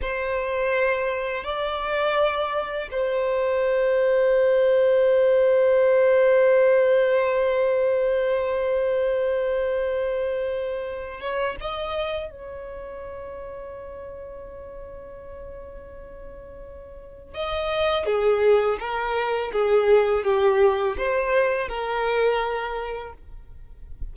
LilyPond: \new Staff \with { instrumentName = "violin" } { \time 4/4 \tempo 4 = 83 c''2 d''2 | c''1~ | c''1~ | c''2.~ c''8 cis''8 |
dis''4 cis''2.~ | cis''1 | dis''4 gis'4 ais'4 gis'4 | g'4 c''4 ais'2 | }